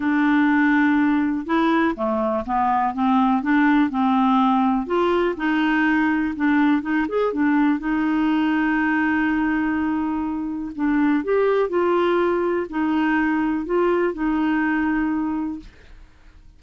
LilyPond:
\new Staff \with { instrumentName = "clarinet" } { \time 4/4 \tempo 4 = 123 d'2. e'4 | a4 b4 c'4 d'4 | c'2 f'4 dis'4~ | dis'4 d'4 dis'8 gis'8 d'4 |
dis'1~ | dis'2 d'4 g'4 | f'2 dis'2 | f'4 dis'2. | }